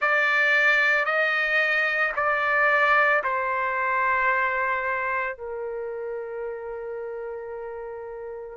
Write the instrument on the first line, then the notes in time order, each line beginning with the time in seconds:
trumpet
0.01 D5
1.05 D#5
2.15 D5
3.23 C5
5.37 A#4